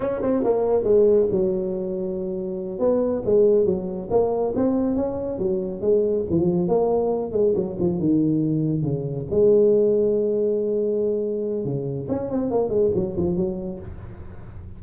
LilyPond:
\new Staff \with { instrumentName = "tuba" } { \time 4/4 \tempo 4 = 139 cis'8 c'8 ais4 gis4 fis4~ | fis2~ fis8 b4 gis8~ | gis8 fis4 ais4 c'4 cis'8~ | cis'8 fis4 gis4 f4 ais8~ |
ais4 gis8 fis8 f8 dis4.~ | dis8 cis4 gis2~ gis8~ | gis2. cis4 | cis'8 c'8 ais8 gis8 fis8 f8 fis4 | }